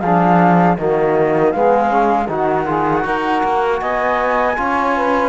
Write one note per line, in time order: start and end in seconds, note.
0.00 0.77 F3
0.00 0.78 D4
0.00 0.76 G#4
0.00 0.76 F5
0.77 1.54 D#3
0.77 1.53 A#3
0.77 1.53 F#4
0.77 1.52 D#5
1.52 2.28 G#3
1.52 1.89 B3
1.52 2.27 G#4
1.52 2.28 F5
1.89 2.27 C#4
2.27 3.04 D#3
2.27 2.66 D#4
2.27 2.65 F#4
2.27 3.80 F#5
2.66 3.02 F4
2.66 3.04 G#4
3.02 3.43 D#4
3.02 4.53 F#4
3.02 3.80 A#4
3.43 3.81 A#3
3.80 4.57 B3
3.80 4.57 D#5
3.80 5.29 G#5
4.56 5.29 C#4
4.56 5.29 F4
4.56 4.95 C#5
4.95 5.29 B4